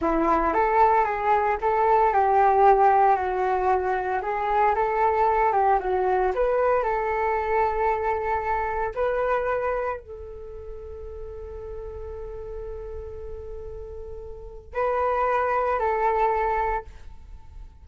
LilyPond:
\new Staff \with { instrumentName = "flute" } { \time 4/4 \tempo 4 = 114 e'4 a'4 gis'4 a'4 | g'2 fis'2 | gis'4 a'4. g'8 fis'4 | b'4 a'2.~ |
a'4 b'2 a'4~ | a'1~ | a'1 | b'2 a'2 | }